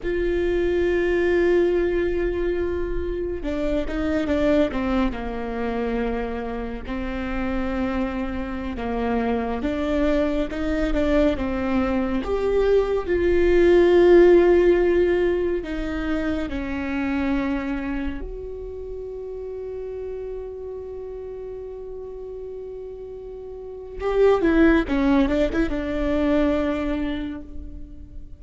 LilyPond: \new Staff \with { instrumentName = "viola" } { \time 4/4 \tempo 4 = 70 f'1 | d'8 dis'8 d'8 c'8 ais2 | c'2~ c'16 ais4 d'8.~ | d'16 dis'8 d'8 c'4 g'4 f'8.~ |
f'2~ f'16 dis'4 cis'8.~ | cis'4~ cis'16 fis'2~ fis'8.~ | fis'1 | g'8 e'8 cis'8 d'16 e'16 d'2 | }